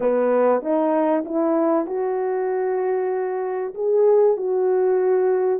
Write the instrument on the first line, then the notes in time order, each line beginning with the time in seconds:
horn
0.00 B3
0.62 D#4
1.25 E4
1.86 F#4
3.74 G#4
4.37 F#4